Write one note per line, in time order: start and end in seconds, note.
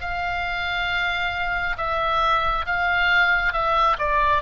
0.00 1.76 F5
1.77 2.66 E5
2.66 3.53 F5
3.53 3.97 E5
3.98 4.42 D5